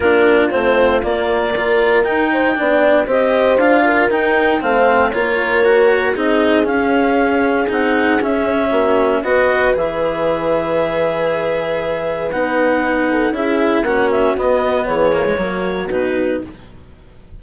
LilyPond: <<
  \new Staff \with { instrumentName = "clarinet" } { \time 4/4 \tempo 4 = 117 ais'4 c''4 d''2 | g''2 dis''4 f''4 | g''4 f''4 cis''2 | dis''4 f''2 fis''4 |
e''2 dis''4 e''4~ | e''1 | fis''2 e''4 fis''8 e''8 | dis''4 cis''2 b'4 | }
  \new Staff \with { instrumentName = "horn" } { \time 4/4 f'2. ais'4~ | ais'8 c''8 d''4 c''4. ais'8~ | ais'4 c''4 ais'2 | gis'1~ |
gis'4 fis'4 b'2~ | b'1~ | b'4. a'8 gis'4 fis'4~ | fis'4 gis'4 fis'2 | }
  \new Staff \with { instrumentName = "cello" } { \time 4/4 d'4 c'4 ais4 f'4 | dis'4 d'4 g'4 f'4 | dis'4 c'4 f'4 fis'4 | dis'4 cis'2 dis'4 |
cis'2 fis'4 gis'4~ | gis'1 | dis'2 e'4 cis'4 | b4. ais16 gis16 ais4 dis'4 | }
  \new Staff \with { instrumentName = "bassoon" } { \time 4/4 ais4 a4 ais2 | dis'4 b4 c'4 d'4 | dis'4 a4 ais2 | c'4 cis'2 c'4 |
cis'4 ais4 b4 e4~ | e1 | b2 cis'4 ais4 | b4 e4 fis4 b,4 | }
>>